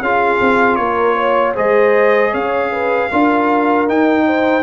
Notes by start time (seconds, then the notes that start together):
0.00 C#4 F4 G#4 F5
0.40 C4
0.75 A#3 A#4 C#5
1.16 C#5
1.54 G#3 G#4 C5 D#5
2.31 C#4 C#5 F5
2.71 B4
3.10 D4 F4 A#4
3.87 D#4 G5
4.26 C5